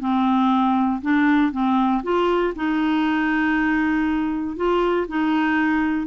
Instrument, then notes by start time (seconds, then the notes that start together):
clarinet
0.00 C4
1.02 D4
1.52 C4
2.03 F4
2.56 D#4
4.56 F4
5.08 D#4